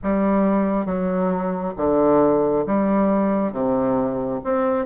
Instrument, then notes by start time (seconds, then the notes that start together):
bassoon
0.03 G3
0.85 F#3
1.76 D3
2.66 G3
3.52 C3
4.44 C4